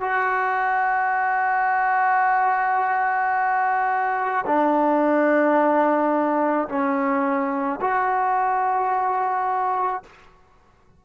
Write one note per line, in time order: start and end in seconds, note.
0.00 4.44 F#4
4.45 6.68 D4
6.68 7.79 C#4
7.80 10.03 F#4